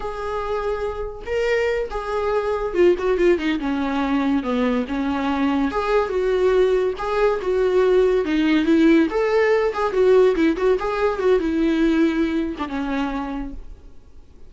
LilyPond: \new Staff \with { instrumentName = "viola" } { \time 4/4 \tempo 4 = 142 gis'2. ais'4~ | ais'8 gis'2 f'8 fis'8 f'8 | dis'8 cis'2 b4 cis'8~ | cis'4. gis'4 fis'4.~ |
fis'8 gis'4 fis'2 dis'8~ | dis'8 e'4 a'4. gis'8 fis'8~ | fis'8 e'8 fis'8 gis'4 fis'8 e'4~ | e'4.~ e'16 d'16 cis'2 | }